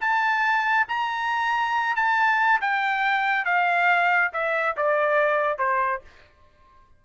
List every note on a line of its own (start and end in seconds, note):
0.00 0.86 A5
0.88 1.95 A#5
1.95 2.60 A5
2.61 3.45 G5
3.45 4.31 F5
4.33 4.76 E5
4.76 5.58 D5
5.58 6.01 C5